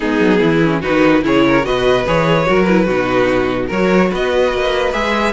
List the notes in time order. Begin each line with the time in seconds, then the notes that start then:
0.00 G#3 B3 D#4 G#4
0.20 F#3
0.39 E3 E4
0.64 C#4
0.80 D#3 D#4 F#4 B4
1.21 C#3 E4 G#4 C#5
1.46 A#4
1.63 B2 F#4 B4 D#5
2.06 E3 G#4 C#5
2.46 F#3 F#4 A#4
2.63 E4 B4
2.85 B2 D#4 F#4
3.67 F#3 F#4 A#4 C#5
4.10 B3 B4 D#5
4.53 A#3
4.92 G#3 G#4 E5